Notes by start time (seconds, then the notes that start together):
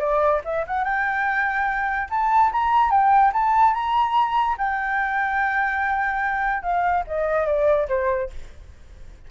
0.00 D5
0.45 E5
0.67 F#5
0.85 G5
2.10 A5
2.52 A#5
2.91 G5
3.33 A5
3.74 A#5
4.58 G5
6.63 F5
7.07 D#5
7.47 D5
7.88 C5